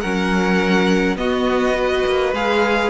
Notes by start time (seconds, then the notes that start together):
0.00 F#3 C#4 A#4 F#5
1.15 B3 F#4 D#5
1.74 F#4 B4
2.06 A#3
2.33 G#3 G#4 F5